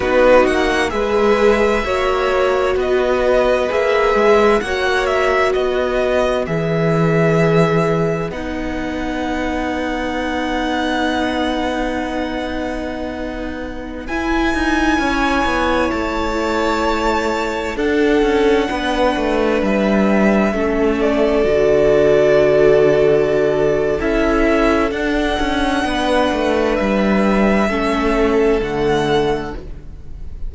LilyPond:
<<
  \new Staff \with { instrumentName = "violin" } { \time 4/4 \tempo 4 = 65 b'8 fis''8 e''2 dis''4 | e''4 fis''8 e''8 dis''4 e''4~ | e''4 fis''2.~ | fis''2.~ fis''16 gis''8.~ |
gis''4~ gis''16 a''2 fis''8.~ | fis''4~ fis''16 e''4. d''4~ d''16~ | d''2 e''4 fis''4~ | fis''4 e''2 fis''4 | }
  \new Staff \with { instrumentName = "violin" } { \time 4/4 fis'4 b'4 cis''4 b'4~ | b'4 cis''4 b'2~ | b'1~ | b'1~ |
b'16 cis''2. a'8.~ | a'16 b'2 a'4.~ a'16~ | a'1 | b'2 a'2 | }
  \new Staff \with { instrumentName = "viola" } { \time 4/4 dis'4 gis'4 fis'2 | gis'4 fis'2 gis'4~ | gis'4 dis'2.~ | dis'2.~ dis'16 e'8.~ |
e'2.~ e'16 d'8.~ | d'2~ d'16 cis'4 fis'8.~ | fis'2 e'4 d'4~ | d'2 cis'4 a4 | }
  \new Staff \with { instrumentName = "cello" } { \time 4/4 b8 ais8 gis4 ais4 b4 | ais8 gis8 ais4 b4 e4~ | e4 b2.~ | b2.~ b16 e'8 dis'16~ |
dis'16 cis'8 b8 a2 d'8 cis'16~ | cis'16 b8 a8 g4 a4 d8.~ | d2 cis'4 d'8 cis'8 | b8 a8 g4 a4 d4 | }
>>